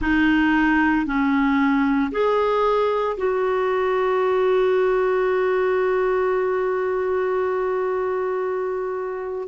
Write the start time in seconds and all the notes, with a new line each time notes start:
0.00 D#4
1.05 C#4
2.11 G#4
3.17 F#4